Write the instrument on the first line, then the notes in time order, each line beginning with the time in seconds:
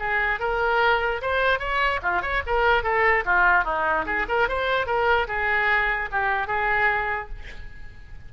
oboe
0.00 G#4
0.40 A#4
1.22 C5
1.60 C#5
2.03 F4
2.22 C#5
2.47 A#4
2.84 A4
3.25 F4
3.65 D#4
4.06 G#4
4.29 A#4
4.49 C5
4.87 A#4
5.28 G#4
6.12 G4
6.47 G#4